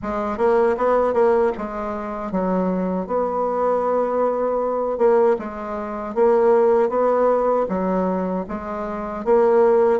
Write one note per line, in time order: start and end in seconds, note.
0.02 0.37 G#3
0.37 0.76 A#3
0.77 1.13 B3
1.13 1.52 A#3
1.57 2.31 G#3
2.31 3.06 F#3
3.06 4.98 B3
4.98 5.36 A#3
5.38 6.14 G#3
6.14 6.89 A#3
6.89 7.66 B3
7.68 8.45 F#3
8.48 9.24 G#3
9.24 10.00 A#3